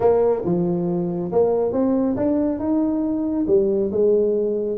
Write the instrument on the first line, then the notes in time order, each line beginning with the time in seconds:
tuba
0.00 A#3
0.44 F3
1.31 A#3
1.72 C4
2.16 D4
2.59 D#4
3.47 G3
3.91 G#3